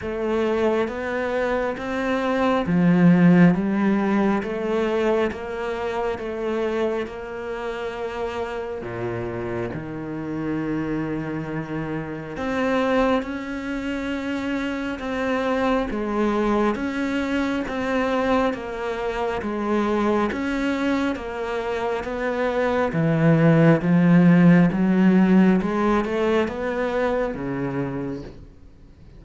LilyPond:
\new Staff \with { instrumentName = "cello" } { \time 4/4 \tempo 4 = 68 a4 b4 c'4 f4 | g4 a4 ais4 a4 | ais2 ais,4 dis4~ | dis2 c'4 cis'4~ |
cis'4 c'4 gis4 cis'4 | c'4 ais4 gis4 cis'4 | ais4 b4 e4 f4 | fis4 gis8 a8 b4 cis4 | }